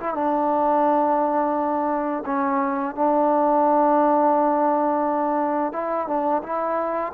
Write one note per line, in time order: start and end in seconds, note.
0.00 0.15 E4
0.15 2.24 D4
2.26 2.96 C#4
2.96 5.73 D4
5.73 6.08 E4
6.08 6.43 D4
6.43 7.13 E4